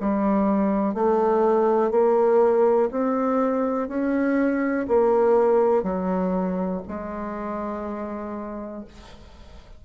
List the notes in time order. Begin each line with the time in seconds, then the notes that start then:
0.00 G3
0.94 A3
1.91 A#3
2.91 C4
3.88 C#4
4.88 A#3
5.83 F#3
6.88 G#3